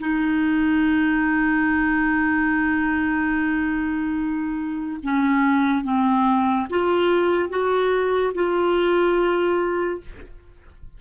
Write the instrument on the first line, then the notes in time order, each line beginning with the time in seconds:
clarinet
0.00 D#4
5.03 C#4
5.84 C4
6.70 F4
7.50 F#4
8.34 F4